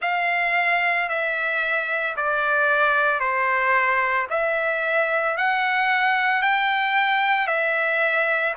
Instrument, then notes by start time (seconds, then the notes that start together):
trumpet
0.01 F5
1.09 E5
2.16 D5
3.19 C5
4.30 E5
5.37 F#5
6.42 G5
7.47 E5